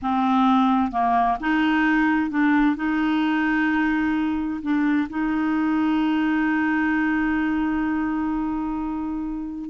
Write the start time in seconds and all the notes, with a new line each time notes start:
0.02 C4
0.91 A#3
1.40 D#4
2.30 D4
2.76 D#4
4.62 D4
5.09 D#4